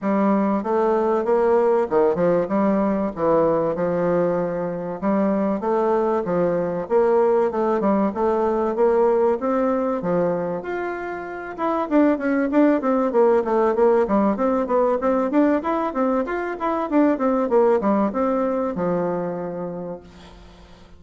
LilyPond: \new Staff \with { instrumentName = "bassoon" } { \time 4/4 \tempo 4 = 96 g4 a4 ais4 dis8 f8 | g4 e4 f2 | g4 a4 f4 ais4 | a8 g8 a4 ais4 c'4 |
f4 f'4. e'8 d'8 cis'8 | d'8 c'8 ais8 a8 ais8 g8 c'8 b8 | c'8 d'8 e'8 c'8 f'8 e'8 d'8 c'8 | ais8 g8 c'4 f2 | }